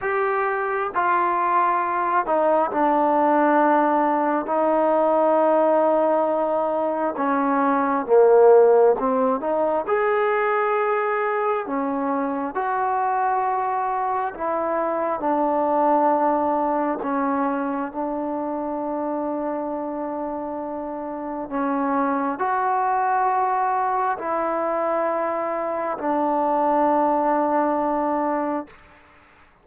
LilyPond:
\new Staff \with { instrumentName = "trombone" } { \time 4/4 \tempo 4 = 67 g'4 f'4. dis'8 d'4~ | d'4 dis'2. | cis'4 ais4 c'8 dis'8 gis'4~ | gis'4 cis'4 fis'2 |
e'4 d'2 cis'4 | d'1 | cis'4 fis'2 e'4~ | e'4 d'2. | }